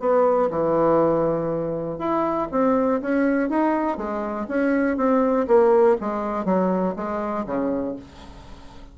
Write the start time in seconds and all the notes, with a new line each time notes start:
0.00 B3
0.50 E3
1.99 E4
2.51 C4
3.02 C#4
3.49 D#4
3.97 G#3
4.48 C#4
4.97 C4
5.47 A#3
6.00 G#3
6.45 F#3
6.96 G#3
7.46 C#3